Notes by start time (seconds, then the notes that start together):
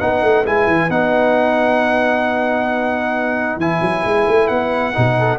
0.00 B3 D#4 B4 F#5
0.23 A3
0.45 G#3 E4 G#5
0.67 E3
0.89 B3 D#4 F#5
3.57 E3 E4 G#5
3.81 F#3
4.05 G#3
4.28 A3
4.48 B3 F#5
4.94 B2 D#4
5.18 A4